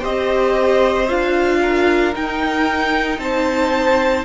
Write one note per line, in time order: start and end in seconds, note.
0.00 1.09 C4
0.00 1.07 G4
0.00 1.58 C5
0.00 1.09 D#5
1.08 2.14 D4
1.08 2.13 F4
1.08 2.14 F5
1.61 3.19 A#4
2.13 4.24 D#4
2.13 3.18 D#4
2.13 3.19 G5
3.18 4.23 C4
3.18 4.24 C5
3.18 4.24 A5